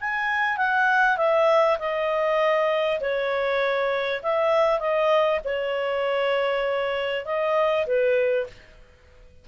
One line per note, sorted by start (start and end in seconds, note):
0.00 0.57 G#5
0.57 1.17 F#5
1.17 1.77 E5
1.78 2.99 D#5
3.00 4.21 C#5
4.22 4.79 E5
4.79 5.40 D#5
5.44 7.25 C#5
7.25 7.86 D#5
7.86 8.47 B4